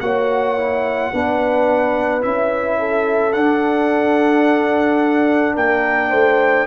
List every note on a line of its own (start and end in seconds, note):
0.00 1.11 A#3
0.00 0.58 F#4
0.00 1.12 C#5
0.00 2.22 F#5
0.58 1.13 E4
1.12 2.24 B3
1.12 2.21 D4
1.12 2.79 B4
2.21 3.35 C#4
2.21 3.32 E4
2.21 3.33 E5
2.79 5.55 A4
3.33 5.56 D4
3.33 6.67 D4
3.33 5.55 F#5
5.55 6.12 A#3
5.55 6.10 A#4
5.55 6.67 G5
6.10 6.67 A3
6.10 6.66 C5